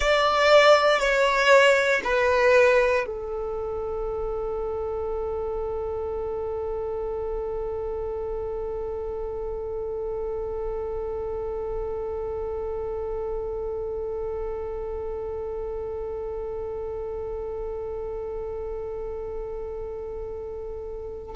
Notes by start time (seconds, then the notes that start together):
0.00 D5
0.99 C#5
2.03 B4
3.06 A4